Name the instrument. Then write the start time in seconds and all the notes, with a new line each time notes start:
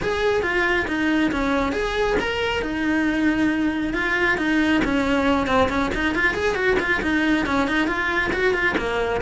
cello
0.02 G#4
0.42 F4
0.87 D#4
1.31 C#4
1.72 G#4
2.20 A#4
2.62 D#4
3.93 F4
4.37 D#4
4.84 C#4
5.46 C4
5.69 C#4
5.94 D#4
6.14 F4
6.34 G#4
6.55 F#4
6.79 F4
7.02 D#4
7.46 C#4
7.67 D#4
7.87 F4
8.33 F#4
8.53 F4
8.77 A#3